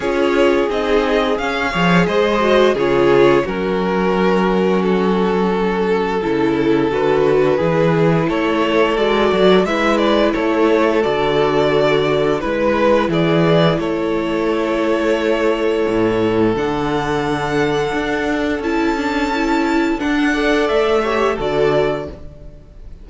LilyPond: <<
  \new Staff \with { instrumentName = "violin" } { \time 4/4 \tempo 4 = 87 cis''4 dis''4 f''4 dis''4 | cis''4 ais'2 a'4~ | a'2 b'2 | cis''4 d''4 e''8 d''8 cis''4 |
d''2 b'4 d''4 | cis''1 | fis''2. a''4~ | a''4 fis''4 e''4 d''4 | }
  \new Staff \with { instrumentName = "violin" } { \time 4/4 gis'2~ gis'8 cis''8 c''4 | gis'4 fis'2.~ | fis'4 a'2 gis'4 | a'2 b'4 a'4~ |
a'2 b'4 gis'4 | a'1~ | a'1~ | a'4. d''4 cis''8 a'4 | }
  \new Staff \with { instrumentName = "viola" } { \time 4/4 f'4 dis'4 cis'8 gis'4 fis'8 | f'4 cis'2.~ | cis'4 e'4 fis'4 e'4~ | e'4 fis'4 e'2 |
fis'2 e'2~ | e'1 | d'2. e'8 d'8 | e'4 d'8 a'4 g'8 fis'4 | }
  \new Staff \with { instrumentName = "cello" } { \time 4/4 cis'4 c'4 cis'8 f8 gis4 | cis4 fis2.~ | fis4 cis4 d4 e4 | a4 gis8 fis8 gis4 a4 |
d2 gis4 e4 | a2. a,4 | d2 d'4 cis'4~ | cis'4 d'4 a4 d4 | }
>>